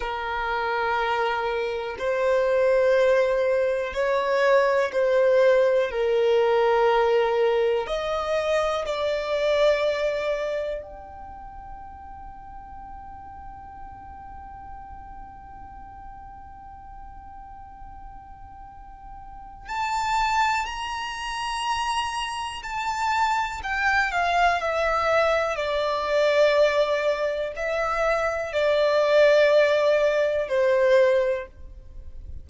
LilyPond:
\new Staff \with { instrumentName = "violin" } { \time 4/4 \tempo 4 = 61 ais'2 c''2 | cis''4 c''4 ais'2 | dis''4 d''2 g''4~ | g''1~ |
g''1 | a''4 ais''2 a''4 | g''8 f''8 e''4 d''2 | e''4 d''2 c''4 | }